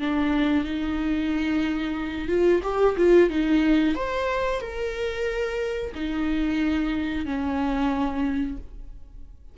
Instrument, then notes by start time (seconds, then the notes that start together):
viola
0.00 D4
0.64 D#4
2.28 F4
2.63 G4
2.97 F4
3.30 D#4
3.95 C5
4.61 A#4
5.95 D#4
7.26 C#4